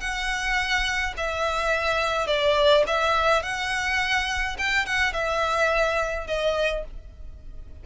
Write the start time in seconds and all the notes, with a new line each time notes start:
0.00 F#5
1.17 E5
2.27 D5
2.87 E5
3.43 F#5
4.58 G5
4.86 F#5
5.13 E5
6.27 D#5